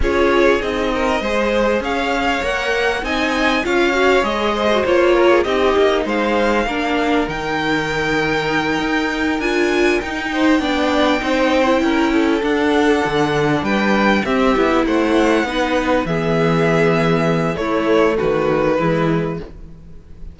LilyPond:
<<
  \new Staff \with { instrumentName = "violin" } { \time 4/4 \tempo 4 = 99 cis''4 dis''2 f''4 | fis''4 gis''4 f''4 dis''4 | cis''4 dis''4 f''2 | g''2.~ g''8 gis''8~ |
gis''8 g''2.~ g''8~ | g''8 fis''2 g''4 e''8~ | e''8 fis''2 e''4.~ | e''4 cis''4 b'2 | }
  \new Staff \with { instrumentName = "violin" } { \time 4/4 gis'4. ais'8 c''4 cis''4~ | cis''4 dis''4 cis''4. c''8~ | c''8 ais'16 gis'16 g'4 c''4 ais'4~ | ais'1~ |
ais'4 c''8 d''4 c''4 ais'8 | a'2~ a'8 b'4 g'8~ | g'8 c''4 b'4 gis'4.~ | gis'4 e'4 fis'4 e'4 | }
  \new Staff \with { instrumentName = "viola" } { \time 4/4 f'4 dis'4 gis'2 | ais'4 dis'4 f'8 fis'8 gis'8. fis'16 | f'4 dis'2 d'4 | dis'2.~ dis'8 f'8~ |
f'8 dis'4 d'4 dis'8. e'8.~ | e'8 d'2. c'8 | e'4. dis'4 b4.~ | b4 a2 gis4 | }
  \new Staff \with { instrumentName = "cello" } { \time 4/4 cis'4 c'4 gis4 cis'4 | ais4 c'4 cis'4 gis4 | ais4 c'8 ais8 gis4 ais4 | dis2~ dis8 dis'4 d'8~ |
d'8 dis'4 b4 c'4 cis'8~ | cis'8 d'4 d4 g4 c'8 | b8 a4 b4 e4.~ | e4 a4 dis4 e4 | }
>>